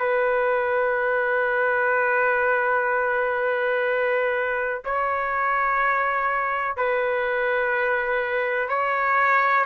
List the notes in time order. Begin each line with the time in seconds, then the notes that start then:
0.00 B4
4.85 C#5
6.77 B4
8.69 C#5